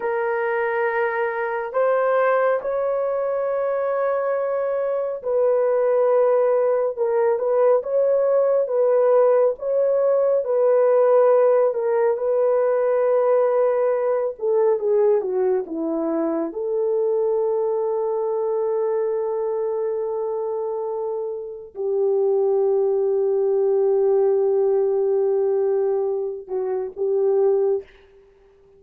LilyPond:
\new Staff \with { instrumentName = "horn" } { \time 4/4 \tempo 4 = 69 ais'2 c''4 cis''4~ | cis''2 b'2 | ais'8 b'8 cis''4 b'4 cis''4 | b'4. ais'8 b'2~ |
b'8 a'8 gis'8 fis'8 e'4 a'4~ | a'1~ | a'4 g'2.~ | g'2~ g'8 fis'8 g'4 | }